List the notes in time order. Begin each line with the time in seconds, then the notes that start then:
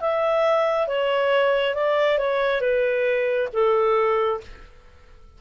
0.00 E5
0.87 C#5
1.75 D5
2.18 C#5
2.61 B4
3.53 A4